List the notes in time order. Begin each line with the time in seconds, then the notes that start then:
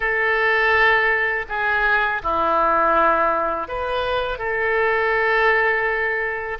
0.00 A4
1.48 G#4
2.22 E4
3.68 B4
4.38 A4